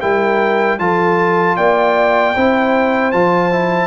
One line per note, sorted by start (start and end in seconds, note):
0.00 0.78 G3
0.00 0.79 E4
0.00 0.79 A#4
0.00 0.78 G5
0.78 1.56 F3
0.78 2.34 F4
0.78 1.56 A4
0.78 1.56 A5
1.56 2.35 A#3
1.56 2.34 D5
1.56 3.11 G5
2.34 3.13 C4
2.34 3.12 E4
2.34 3.87 C5
3.11 3.87 F3
3.11 3.51 F4
3.11 3.87 A5
3.51 3.87 E4